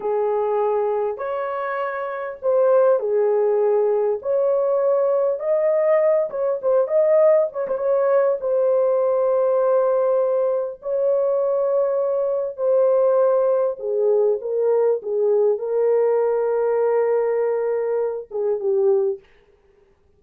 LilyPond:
\new Staff \with { instrumentName = "horn" } { \time 4/4 \tempo 4 = 100 gis'2 cis''2 | c''4 gis'2 cis''4~ | cis''4 dis''4. cis''8 c''8 dis''8~ | dis''8 cis''16 c''16 cis''4 c''2~ |
c''2 cis''2~ | cis''4 c''2 gis'4 | ais'4 gis'4 ais'2~ | ais'2~ ais'8 gis'8 g'4 | }